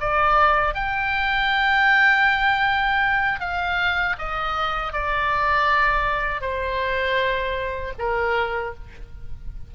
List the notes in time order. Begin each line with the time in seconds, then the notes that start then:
0.00 D5
0.75 G5
3.40 F5
4.19 D#5
4.93 D5
6.41 C5
7.99 A#4